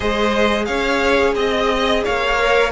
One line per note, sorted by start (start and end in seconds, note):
0.00 0.68 G#3
0.00 2.37 G#4
0.00 0.64 C5
0.00 0.65 D#5
0.65 1.35 C#4
0.65 1.35 C#5
0.65 1.33 F5
1.35 2.03 C4
1.35 2.03 D#5
1.35 2.04 D#5
2.04 2.71 A#3
2.04 2.71 C#5
2.04 2.71 F5
2.38 2.71 A#4